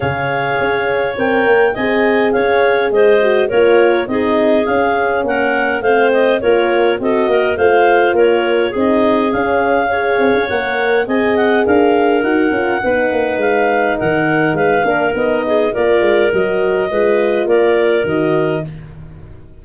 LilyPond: <<
  \new Staff \with { instrumentName = "clarinet" } { \time 4/4 \tempo 4 = 103 f''2 g''4 gis''4 | f''4 dis''4 cis''4 dis''4 | f''4 fis''4 f''8 dis''8 cis''4 | dis''4 f''4 cis''4 dis''4 |
f''2 fis''4 gis''8 fis''8 | f''4 fis''2 f''4 | fis''4 f''4 dis''4 d''4 | dis''2 d''4 dis''4 | }
  \new Staff \with { instrumentName = "clarinet" } { \time 4/4 cis''2. dis''4 | cis''4 c''4 ais'4 gis'4~ | gis'4 ais'4 c''4 ais'4 | a'8 ais'8 c''4 ais'4 gis'4~ |
gis'4 cis''2 dis''4 | ais'2 b'2 | ais'4 b'8 ais'4 gis'8 ais'4~ | ais'4 b'4 ais'2 | }
  \new Staff \with { instrumentName = "horn" } { \time 4/4 gis'2 ais'4 gis'4~ | gis'4. fis'8 f'4 dis'4 | cis'2 c'4 f'4 | fis'4 f'2 dis'4 |
cis'4 gis'4 ais'4 gis'4~ | gis'4 fis'8 f'8 dis'2~ | dis'4. d'8 dis'4 f'4 | fis'4 f'2 fis'4 | }
  \new Staff \with { instrumentName = "tuba" } { \time 4/4 cis4 cis'4 c'8 ais8 c'4 | cis'4 gis4 ais4 c'4 | cis'4 ais4 a4 ais4 | c'8 ais8 a4 ais4 c'4 |
cis'4. c'16 cis'16 ais4 c'4 | d'4 dis'8 cis'8 b8 ais8 gis4 | dis4 gis8 ais8 b4 ais8 gis8 | fis4 gis4 ais4 dis4 | }
>>